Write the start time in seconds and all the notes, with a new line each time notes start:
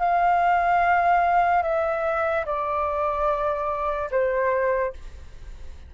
0.00 F5
1.63 E5
2.45 D5
4.11 C5